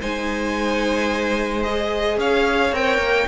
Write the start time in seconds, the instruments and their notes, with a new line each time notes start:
0.00 cello G#3, viola D#4, violin C5 G#5
1.62 viola G#4, violin D#5
2.17 cello C#4, violin C#5 F5
2.71 cello C4, viola A#4, violin G5
2.98 cello A#3